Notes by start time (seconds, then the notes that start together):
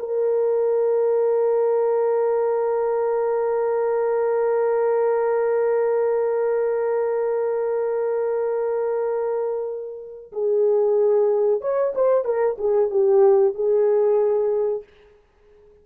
0.00 A#4
10.33 G#4
11.62 C#5
11.96 C5
12.25 A#4
12.59 G#4
12.91 G4
13.55 G#4